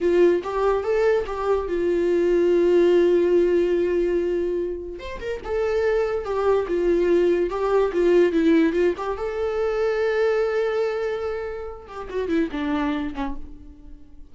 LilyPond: \new Staff \with { instrumentName = "viola" } { \time 4/4 \tempo 4 = 144 f'4 g'4 a'4 g'4 | f'1~ | f'1 | c''8 ais'8 a'2 g'4 |
f'2 g'4 f'4 | e'4 f'8 g'8 a'2~ | a'1~ | a'8 g'8 fis'8 e'8 d'4. cis'8 | }